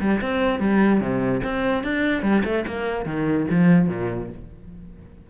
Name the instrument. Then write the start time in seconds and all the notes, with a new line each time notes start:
cello
0.00 G3
0.21 C4
0.59 G3
1.00 C3
1.43 C4
1.83 D4
2.22 G3
2.44 A3
2.67 A#3
3.05 D#3
3.50 F3
3.88 A#2